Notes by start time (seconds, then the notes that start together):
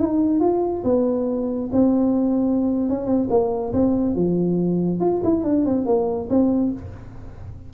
0.00 D#4
0.41 F4
0.84 B3
1.73 C4
2.90 C#4
3.07 C4
3.30 A#3
3.73 C4
4.16 F3
5.01 F4
5.24 E4
5.44 D4
5.66 C4
5.86 A#3
6.30 C4